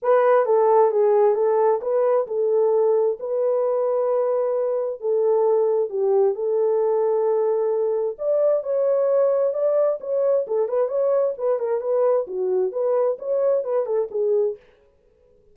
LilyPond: \new Staff \with { instrumentName = "horn" } { \time 4/4 \tempo 4 = 132 b'4 a'4 gis'4 a'4 | b'4 a'2 b'4~ | b'2. a'4~ | a'4 g'4 a'2~ |
a'2 d''4 cis''4~ | cis''4 d''4 cis''4 a'8 b'8 | cis''4 b'8 ais'8 b'4 fis'4 | b'4 cis''4 b'8 a'8 gis'4 | }